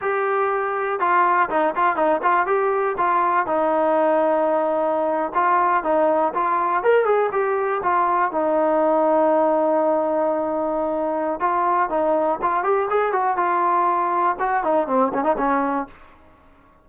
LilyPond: \new Staff \with { instrumentName = "trombone" } { \time 4/4 \tempo 4 = 121 g'2 f'4 dis'8 f'8 | dis'8 f'8 g'4 f'4 dis'4~ | dis'2~ dis'8. f'4 dis'16~ | dis'8. f'4 ais'8 gis'8 g'4 f'16~ |
f'8. dis'2.~ dis'16~ | dis'2. f'4 | dis'4 f'8 g'8 gis'8 fis'8 f'4~ | f'4 fis'8 dis'8 c'8 cis'16 dis'16 cis'4 | }